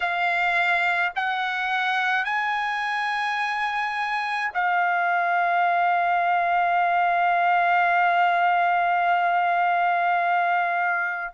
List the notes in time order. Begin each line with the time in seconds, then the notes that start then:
0.00 F5
1.15 F#5
2.24 G#5
4.54 F5